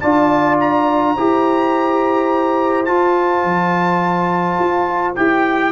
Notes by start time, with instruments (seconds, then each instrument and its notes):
0.00 tuba D4, trombone F4, horn D5, trumpet A5
0.60 trumpet A#5
1.15 tuba E4, trombone G4, horn C5
2.85 trombone F4, tuba F4, trumpet A5
3.44 tuba F3
4.59 tuba F4
5.16 tuba E4, trombone G4, trumpet G5